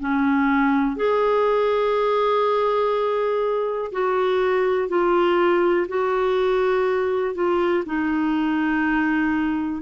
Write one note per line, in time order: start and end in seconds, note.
0.00 0.96 C#4
0.96 3.91 G#4
3.92 4.89 F#4
4.89 5.87 F4
5.88 7.35 F#4
7.35 7.84 F4
7.86 9.82 D#4